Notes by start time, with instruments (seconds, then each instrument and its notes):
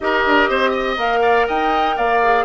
0.00 bassoon D#4, clarinet G4, oboe A#4, flute D#5
0.26 bassoon D4
0.49 bassoon C4, oboe C5
0.70 oboe D#5
0.97 bassoon A#3, clarinet A#4, flute F5
1.21 oboe D5
1.47 bassoon D#4, oboe D#5, flute G5
1.96 bassoon A#3, oboe D5, flute F5
2.23 clarinet G#4